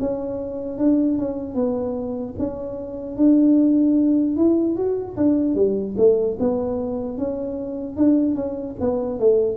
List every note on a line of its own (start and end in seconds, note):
0.00 0.78 C#4
0.78 1.18 D4
1.19 1.55 C#4
1.55 2.35 B3
2.39 3.16 C#4
3.16 4.36 D4
4.37 4.76 E4
4.76 5.16 F#4
5.17 5.55 D4
5.55 5.95 G3
5.97 6.37 A3
6.40 7.18 B3
7.18 7.97 C#4
7.97 8.35 D4
8.35 8.75 C#4
8.80 9.20 B3
9.20 9.57 A3